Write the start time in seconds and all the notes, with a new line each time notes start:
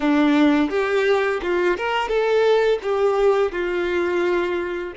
0.00 D4
0.70 G4
1.42 F4
1.77 A#4
2.08 A4
2.82 G4
3.52 F4